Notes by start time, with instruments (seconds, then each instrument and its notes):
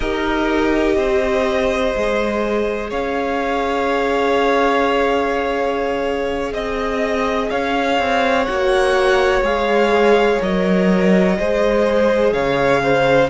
0.00 cello D#4, viola G4, violin A#4 D#5
0.96 cello C4, violin C5
1.95 cello G#3, viola G#4
2.90 cello C#4, violin C#5 F5
6.53 cello C4, violin D#5
7.49 cello C#4, violin C#5 F5
7.99 cello C4
8.45 cello A#3, viola F#4, violin F#5
9.41 cello G#3, viola G#4, violin F5
10.40 cello F#3, viola A#4, violin D#5
11.37 cello G#3, viola G#4, violin C5
12.32 cello C#3, violin C#5 F5
12.83 violin C5